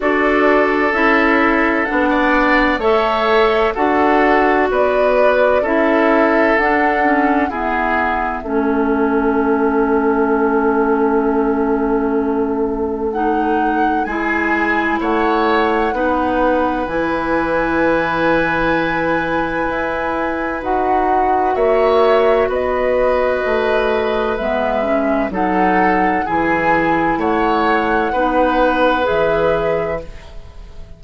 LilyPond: <<
  \new Staff \with { instrumentName = "flute" } { \time 4/4 \tempo 4 = 64 d''4 e''4 fis''4 e''4 | fis''4 d''4 e''4 fis''4 | e''1~ | e''2 fis''4 gis''4 |
fis''2 gis''2~ | gis''2 fis''4 e''4 | dis''2 e''4 fis''4 | gis''4 fis''2 e''4 | }
  \new Staff \with { instrumentName = "oboe" } { \time 4/4 a'2~ a'16 d''8. cis''4 | a'4 b'4 a'2 | gis'4 a'2.~ | a'2. gis'4 |
cis''4 b'2.~ | b'2. cis''4 | b'2. a'4 | gis'4 cis''4 b'2 | }
  \new Staff \with { instrumentName = "clarinet" } { \time 4/4 fis'4 e'4 d'4 a'4 | fis'2 e'4 d'8 cis'8 | b4 cis'2.~ | cis'2 dis'4 e'4~ |
e'4 dis'4 e'2~ | e'2 fis'2~ | fis'2 b8 cis'8 dis'4 | e'2 dis'4 gis'4 | }
  \new Staff \with { instrumentName = "bassoon" } { \time 4/4 d'4 cis'4 b4 a4 | d'4 b4 cis'4 d'4 | e'4 a2.~ | a2. gis4 |
a4 b4 e2~ | e4 e'4 dis'4 ais4 | b4 a4 gis4 fis4 | e4 a4 b4 e4 | }
>>